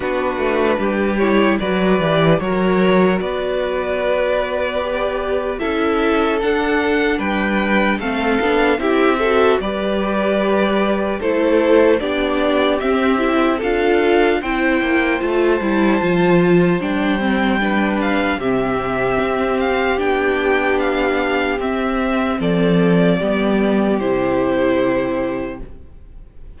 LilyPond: <<
  \new Staff \with { instrumentName = "violin" } { \time 4/4 \tempo 4 = 75 b'4. cis''8 d''4 cis''4 | d''2. e''4 | fis''4 g''4 f''4 e''4 | d''2 c''4 d''4 |
e''4 f''4 g''4 a''4~ | a''4 g''4. f''8 e''4~ | e''8 f''8 g''4 f''4 e''4 | d''2 c''2 | }
  \new Staff \with { instrumentName = "violin" } { \time 4/4 fis'4 g'4 b'4 ais'4 | b'2. a'4~ | a'4 b'4 a'4 g'8 a'8 | b'2 a'4 g'4~ |
g'4 a'4 c''2~ | c''2 b'4 g'4~ | g'1 | a'4 g'2. | }
  \new Staff \with { instrumentName = "viola" } { \time 4/4 d'4. e'8 fis'8 g'8 fis'4~ | fis'2 g'4 e'4 | d'2 c'8 d'8 e'8 fis'8 | g'2 e'4 d'4 |
c'8 e'8 f'4 e'4 f'8 e'8 | f'4 d'8 c'8 d'4 c'4~ | c'4 d'2 c'4~ | c'4 b4 e'2 | }
  \new Staff \with { instrumentName = "cello" } { \time 4/4 b8 a8 g4 fis8 e8 fis4 | b2. cis'4 | d'4 g4 a8 b8 c'4 | g2 a4 b4 |
c'4 d'4 c'8 ais8 a8 g8 | f4 g2 c4 | c'4 b2 c'4 | f4 g4 c2 | }
>>